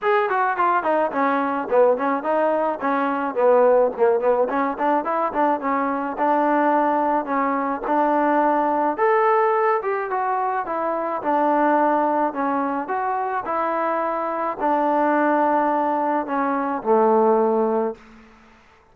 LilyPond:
\new Staff \with { instrumentName = "trombone" } { \time 4/4 \tempo 4 = 107 gis'8 fis'8 f'8 dis'8 cis'4 b8 cis'8 | dis'4 cis'4 b4 ais8 b8 | cis'8 d'8 e'8 d'8 cis'4 d'4~ | d'4 cis'4 d'2 |
a'4. g'8 fis'4 e'4 | d'2 cis'4 fis'4 | e'2 d'2~ | d'4 cis'4 a2 | }